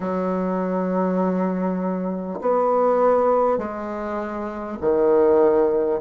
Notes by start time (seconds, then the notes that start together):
0.00 F#3
2.40 B3
3.58 G#3
4.80 D#3